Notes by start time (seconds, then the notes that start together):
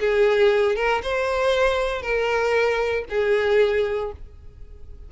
0.00 G#4
0.76 A#4
1.03 C5
2.02 A#4
3.10 G#4